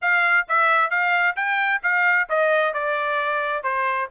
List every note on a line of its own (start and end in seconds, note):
0.01 0.46 F5
0.48 0.90 E5
0.90 1.35 F5
1.36 1.81 G5
1.82 2.28 F5
2.29 2.73 D#5
2.73 3.63 D5
3.63 4.08 C5